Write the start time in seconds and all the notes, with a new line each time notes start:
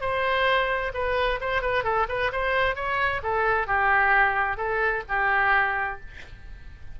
0.00 C5
0.93 B4
1.40 C5
1.61 B4
1.83 A4
2.08 B4
2.32 C5
2.75 C#5
3.22 A4
3.67 G4
4.57 A4
5.08 G4